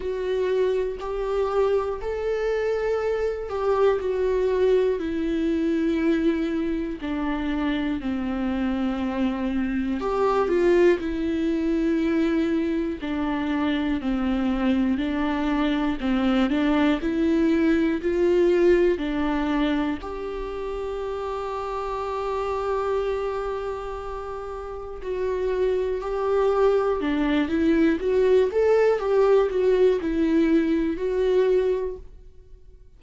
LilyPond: \new Staff \with { instrumentName = "viola" } { \time 4/4 \tempo 4 = 60 fis'4 g'4 a'4. g'8 | fis'4 e'2 d'4 | c'2 g'8 f'8 e'4~ | e'4 d'4 c'4 d'4 |
c'8 d'8 e'4 f'4 d'4 | g'1~ | g'4 fis'4 g'4 d'8 e'8 | fis'8 a'8 g'8 fis'8 e'4 fis'4 | }